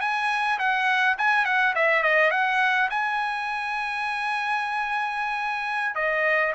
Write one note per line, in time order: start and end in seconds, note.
0.00 0.58 G#5
0.59 1.17 F#5
1.18 1.45 G#5
1.45 1.74 F#5
1.75 2.03 E5
2.03 2.31 D#5
2.31 2.89 F#5
2.90 5.95 G#5
5.95 6.53 D#5